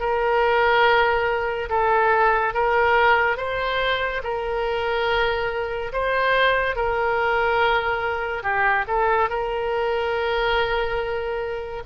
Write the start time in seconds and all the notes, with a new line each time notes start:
0.00 A#4
1.69 A4
2.54 A#4
3.37 C5
4.23 A#4
5.93 C5
6.76 A#4
8.43 G4
8.87 A4
9.30 A#4